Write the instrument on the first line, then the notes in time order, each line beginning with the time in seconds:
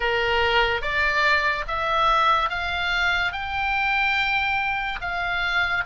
oboe
0.00 A#4
0.81 D5
1.67 E5
2.49 F5
3.32 G5
5.01 F5